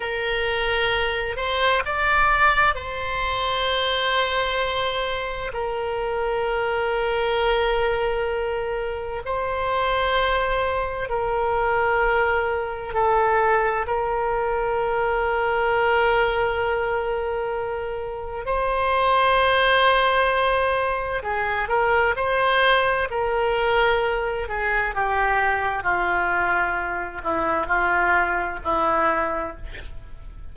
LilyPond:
\new Staff \with { instrumentName = "oboe" } { \time 4/4 \tempo 4 = 65 ais'4. c''8 d''4 c''4~ | c''2 ais'2~ | ais'2 c''2 | ais'2 a'4 ais'4~ |
ais'1 | c''2. gis'8 ais'8 | c''4 ais'4. gis'8 g'4 | f'4. e'8 f'4 e'4 | }